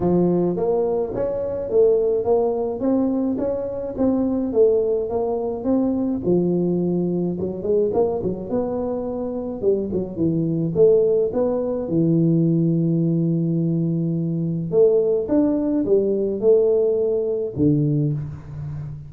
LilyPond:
\new Staff \with { instrumentName = "tuba" } { \time 4/4 \tempo 4 = 106 f4 ais4 cis'4 a4 | ais4 c'4 cis'4 c'4 | a4 ais4 c'4 f4~ | f4 fis8 gis8 ais8 fis8 b4~ |
b4 g8 fis8 e4 a4 | b4 e2.~ | e2 a4 d'4 | g4 a2 d4 | }